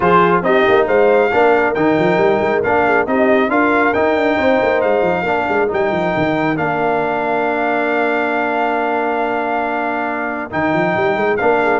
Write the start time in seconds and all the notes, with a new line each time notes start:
0.00 F3 F4 G#4 C5
0.42 C4 D#4 G4 D#5
0.68 A#3
0.86 G#3 C5 F5
1.31 A#3 D4 A#4
1.74 D#3 D#4 G5
1.98 F3
2.17 G3
2.40 G#3
2.62 A#3 D4 F5
2.85 G#4
3.06 C4 D#4 G4 D#5
3.49 D4 F4 A#4 F5
3.93 D#4 G5
4.15 D4
4.37 C4 C5
4.62 A#3
4.81 G#3 F5
5.02 F3
5.22 A#3 D4 A#4
5.48 G#3
5.67 G3 D#4 G5
5.91 F3
6.16 D#3
6.55 A#3 D4 F5
10.50 D#3 D#4 G5
10.73 F3
10.96 G3
11.16 G#3
11.36 A#3 D4 F5
11.62 G#4